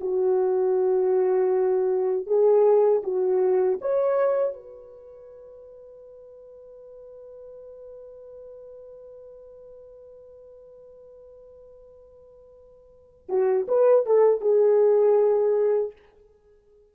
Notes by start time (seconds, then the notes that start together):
0.00 F#4
2.26 G#4
3.03 F#4
3.81 C#5
4.54 B4
13.29 F#4
13.68 B4
14.06 A4
14.41 G#4